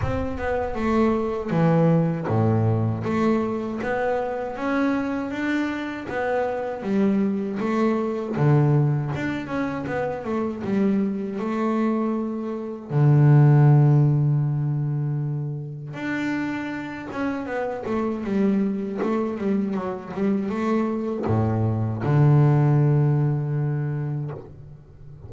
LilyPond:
\new Staff \with { instrumentName = "double bass" } { \time 4/4 \tempo 4 = 79 c'8 b8 a4 e4 a,4 | a4 b4 cis'4 d'4 | b4 g4 a4 d4 | d'8 cis'8 b8 a8 g4 a4~ |
a4 d2.~ | d4 d'4. cis'8 b8 a8 | g4 a8 g8 fis8 g8 a4 | a,4 d2. | }